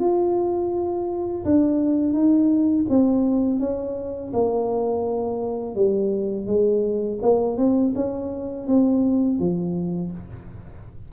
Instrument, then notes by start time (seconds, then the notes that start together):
tuba
0.00 F4
1.45 D4
2.14 D#4
2.89 C4
3.60 C#4
4.33 A#3
5.76 G3
6.47 G#3
7.23 A#3
7.58 C4
7.96 C#4
8.68 C4
9.39 F3